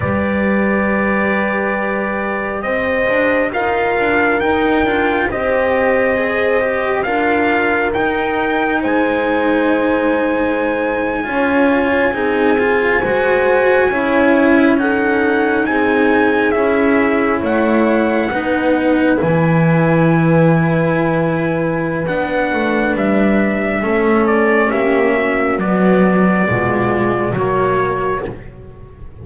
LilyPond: <<
  \new Staff \with { instrumentName = "trumpet" } { \time 4/4 \tempo 4 = 68 d''2. dis''4 | f''4 g''4 dis''2 | f''4 g''4 gis''2~ | gis''1~ |
gis''8. fis''4 gis''4 e''4 fis''16~ | fis''4.~ fis''16 gis''2~ gis''16~ | gis''4 fis''4 e''4. d''8 | e''4 d''2 cis''4 | }
  \new Staff \with { instrumentName = "horn" } { \time 4/4 b'2. c''4 | ais'2 c''2 | ais'2 c''2~ | c''8. cis''4 gis'4 c''4 cis''16~ |
cis''8. a'4 gis'2 cis''16~ | cis''8. b'2.~ b'16~ | b'2. a'4 | g'8 fis'4. f'4 fis'4 | }
  \new Staff \with { instrumentName = "cello" } { \time 4/4 g'1 | f'4 dis'8 f'8 g'4 gis'8 g'8 | f'4 dis'2.~ | dis'8. f'4 dis'8 f'8 fis'4 e'16~ |
e'8. dis'2 e'4~ e'16~ | e'8. dis'4 e'2~ e'16~ | e'4 d'2 cis'4~ | cis'4 fis4 gis4 ais4 | }
  \new Staff \with { instrumentName = "double bass" } { \time 4/4 g2. c'8 d'8 | dis'8 d'8 dis'8 d'8 c'2 | d'4 dis'4 gis2~ | gis8. cis'4 c'4 gis4 cis'16~ |
cis'4.~ cis'16 c'4 cis'4 a16~ | a8. b4 e2~ e16~ | e4 b8 a8 g4 a4 | ais4 b4 b,4 fis4 | }
>>